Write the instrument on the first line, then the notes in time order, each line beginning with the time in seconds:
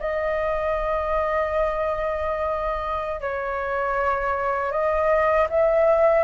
flute
0.00 D#5
3.21 C#5
4.72 D#5
5.50 E5